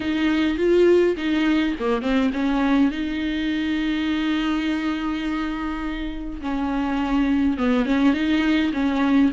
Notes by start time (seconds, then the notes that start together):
0.00 D#4
0.57 F4
1.17 D#4
1.79 A#3
2.02 C4
2.33 C#4
2.91 D#4
6.41 C#4
7.57 B3
7.85 C#4
8.13 D#4
8.73 C#4